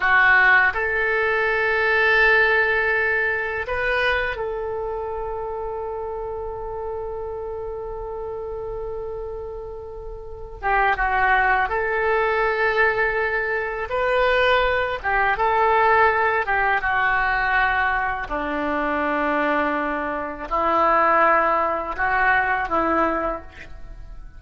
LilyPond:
\new Staff \with { instrumentName = "oboe" } { \time 4/4 \tempo 4 = 82 fis'4 a'2.~ | a'4 b'4 a'2~ | a'1~ | a'2~ a'8 g'8 fis'4 |
a'2. b'4~ | b'8 g'8 a'4. g'8 fis'4~ | fis'4 d'2. | e'2 fis'4 e'4 | }